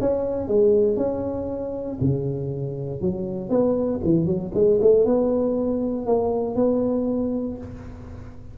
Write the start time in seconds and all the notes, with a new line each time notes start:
0.00 C#4
0.48 G#3
0.96 C#4
2.00 C#3
3.01 F#3
3.49 B3
4.04 E3
4.26 F#3
4.54 G#3
4.81 A3
5.05 B3
6.06 A#3
6.55 B3